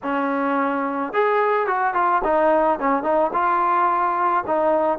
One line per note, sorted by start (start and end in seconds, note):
0.03 1.13 C#4
1.13 1.66 G#4
1.66 1.94 F#4
1.94 2.21 F4
2.24 2.79 D#4
2.79 3.03 C#4
3.03 3.31 D#4
3.33 4.44 F4
4.46 4.98 D#4